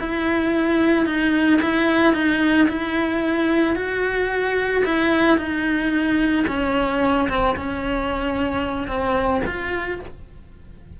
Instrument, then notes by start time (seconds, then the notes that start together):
cello
0.00 E4
1.06 D#4
1.61 E4
2.14 D#4
2.68 E4
3.75 F#4
4.85 E4
5.37 D#4
6.47 C#4
7.29 C4
7.56 C#4
8.87 C4
9.46 F4